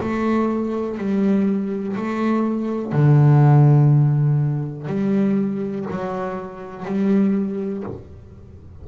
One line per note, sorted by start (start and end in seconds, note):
0.00 0.97 A3
0.97 1.96 G3
1.96 2.92 A3
2.92 4.87 D3
4.87 5.85 G3
5.90 6.85 F#3
6.85 7.83 G3